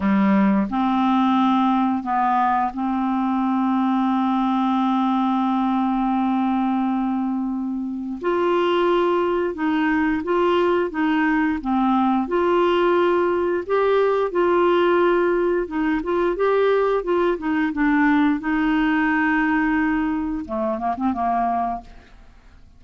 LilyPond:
\new Staff \with { instrumentName = "clarinet" } { \time 4/4 \tempo 4 = 88 g4 c'2 b4 | c'1~ | c'1 | f'2 dis'4 f'4 |
dis'4 c'4 f'2 | g'4 f'2 dis'8 f'8 | g'4 f'8 dis'8 d'4 dis'4~ | dis'2 a8 ais16 c'16 ais4 | }